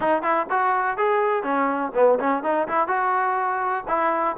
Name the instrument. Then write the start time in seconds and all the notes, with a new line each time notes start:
trombone
0.00 D#4
0.22 E4
0.49 F#4
0.97 G#4
1.43 C#4
1.94 B3
2.19 C#4
2.43 D#4
2.67 E4
2.87 F#4
3.88 E4